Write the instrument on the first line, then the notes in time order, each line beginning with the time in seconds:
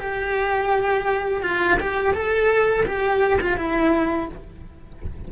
cello
0.00 G4
1.43 F4
1.80 G4
2.14 A4
2.86 G4
3.41 F4
3.57 E4